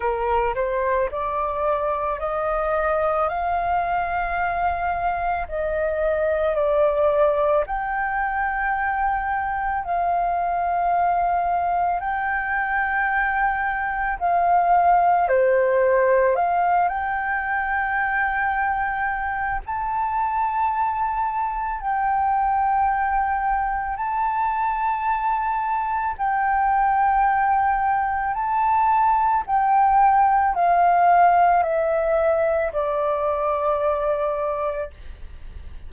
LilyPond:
\new Staff \with { instrumentName = "flute" } { \time 4/4 \tempo 4 = 55 ais'8 c''8 d''4 dis''4 f''4~ | f''4 dis''4 d''4 g''4~ | g''4 f''2 g''4~ | g''4 f''4 c''4 f''8 g''8~ |
g''2 a''2 | g''2 a''2 | g''2 a''4 g''4 | f''4 e''4 d''2 | }